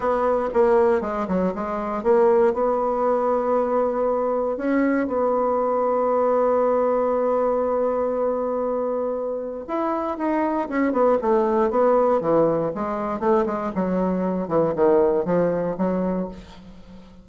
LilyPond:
\new Staff \with { instrumentName = "bassoon" } { \time 4/4 \tempo 4 = 118 b4 ais4 gis8 fis8 gis4 | ais4 b2.~ | b4 cis'4 b2~ | b1~ |
b2. e'4 | dis'4 cis'8 b8 a4 b4 | e4 gis4 a8 gis8 fis4~ | fis8 e8 dis4 f4 fis4 | }